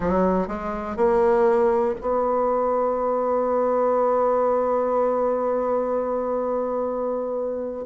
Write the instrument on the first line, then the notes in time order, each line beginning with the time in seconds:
bassoon
0.00 F#3
0.47 G#3
0.96 A#3
2.00 B3